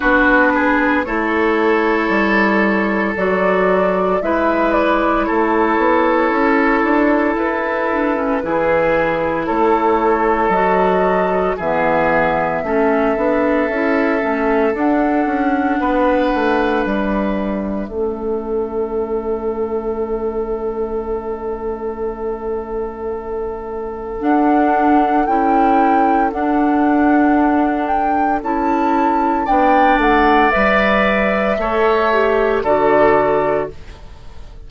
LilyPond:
<<
  \new Staff \with { instrumentName = "flute" } { \time 4/4 \tempo 4 = 57 b'4 cis''2 d''4 | e''8 d''8 cis''2 b'4~ | b'4 cis''4 dis''4 e''4~ | e''2 fis''2 |
e''1~ | e''2. fis''4 | g''4 fis''4. g''8 a''4 | g''8 fis''8 e''2 d''4 | }
  \new Staff \with { instrumentName = "oboe" } { \time 4/4 fis'8 gis'8 a'2. | b'4 a'2. | gis'4 a'2 gis'4 | a'2. b'4~ |
b'4 a'2.~ | a'1~ | a'1 | d''2 cis''4 a'4 | }
  \new Staff \with { instrumentName = "clarinet" } { \time 4/4 d'4 e'2 fis'4 | e'2.~ e'8 d'16 cis'16 | e'2 fis'4 b4 | cis'8 d'8 e'8 cis'8 d'2~ |
d'4 cis'2.~ | cis'2. d'4 | e'4 d'2 e'4 | d'4 b'4 a'8 g'8 fis'4 | }
  \new Staff \with { instrumentName = "bassoon" } { \time 4/4 b4 a4 g4 fis4 | gis4 a8 b8 cis'8 d'8 e'4 | e4 a4 fis4 e4 | a8 b8 cis'8 a8 d'8 cis'8 b8 a8 |
g4 a2.~ | a2. d'4 | cis'4 d'2 cis'4 | b8 a8 g4 a4 d4 | }
>>